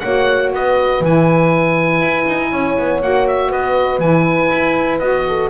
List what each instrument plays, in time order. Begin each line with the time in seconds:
0.00 double bass A#3, saxophone F#4, horn C#5, oboe F#5
0.53 double bass B3, horn B4, oboe D#5
1.01 double bass E3, saxophone E4, oboe G#5
2.01 double bass E4
2.27 double bass D#4
2.51 double bass C#4, horn C#5
2.79 double bass B3
3.02 double bass A#3, saxophone F#4, oboe F#5
3.28 oboe E5
3.49 double bass B3, horn B4, oboe D#5
4.00 double bass E3, saxophone E4, oboe G#5
4.52 double bass E4
5.00 double bass B3, saxophone F#4, oboe D#5
5.28 horn A4